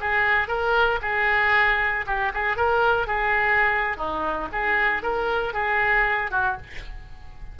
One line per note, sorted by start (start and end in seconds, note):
0.00 0.48 G#4
0.48 0.99 A#4
1.02 2.05 G#4
2.06 2.32 G4
2.34 2.57 G#4
2.57 3.07 A#4
3.07 3.97 G#4
3.97 4.49 D#4
4.52 5.02 G#4
5.02 5.53 A#4
5.53 6.31 G#4
6.31 6.57 F#4